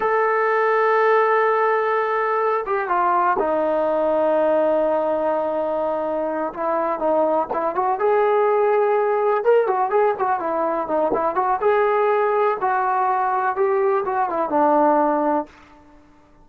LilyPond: \new Staff \with { instrumentName = "trombone" } { \time 4/4 \tempo 4 = 124 a'1~ | a'4. g'8 f'4 dis'4~ | dis'1~ | dis'4. e'4 dis'4 e'8 |
fis'8 gis'2. ais'8 | fis'8 gis'8 fis'8 e'4 dis'8 e'8 fis'8 | gis'2 fis'2 | g'4 fis'8 e'8 d'2 | }